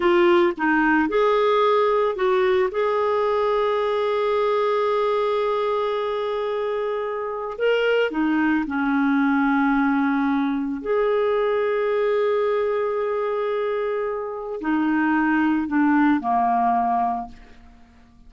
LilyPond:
\new Staff \with { instrumentName = "clarinet" } { \time 4/4 \tempo 4 = 111 f'4 dis'4 gis'2 | fis'4 gis'2.~ | gis'1~ | gis'2 ais'4 dis'4 |
cis'1 | gis'1~ | gis'2. dis'4~ | dis'4 d'4 ais2 | }